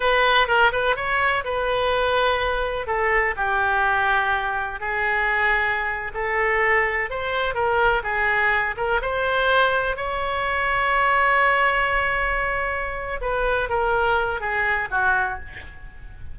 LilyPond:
\new Staff \with { instrumentName = "oboe" } { \time 4/4 \tempo 4 = 125 b'4 ais'8 b'8 cis''4 b'4~ | b'2 a'4 g'4~ | g'2 gis'2~ | gis'8. a'2 c''4 ais'16~ |
ais'8. gis'4. ais'8 c''4~ c''16~ | c''8. cis''2.~ cis''16~ | cis''2.~ cis''8 b'8~ | b'8 ais'4. gis'4 fis'4 | }